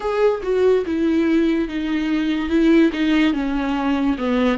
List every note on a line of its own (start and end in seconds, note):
0.00 0.41 G#4
0.42 0.84 F#4
0.86 1.68 E4
1.68 2.48 D#4
2.48 2.90 E4
2.92 3.33 D#4
3.33 4.16 C#4
4.17 4.58 B3